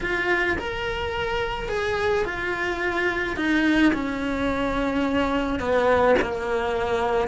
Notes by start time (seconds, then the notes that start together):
0.01 F4
0.58 A#4
1.68 G#4
2.25 F4
3.36 D#4
3.93 C#4
5.59 B3
6.21 A#3